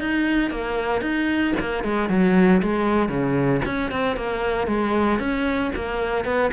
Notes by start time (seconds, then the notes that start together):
0.00 D#4
0.51 A#3
1.01 D#4
1.60 A#3
1.84 G#3
2.09 F#3
2.62 G#3
3.09 C#3
3.65 C#4
3.91 C4
4.16 A#3
4.67 G#3
5.19 C#4
5.75 A#3
6.25 B3